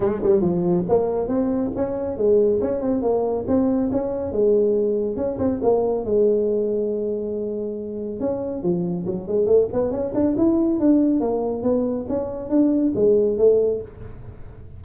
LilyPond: \new Staff \with { instrumentName = "tuba" } { \time 4/4 \tempo 4 = 139 gis8 g8 f4 ais4 c'4 | cis'4 gis4 cis'8 c'8 ais4 | c'4 cis'4 gis2 | cis'8 c'8 ais4 gis2~ |
gis2. cis'4 | f4 fis8 gis8 a8 b8 cis'8 d'8 | e'4 d'4 ais4 b4 | cis'4 d'4 gis4 a4 | }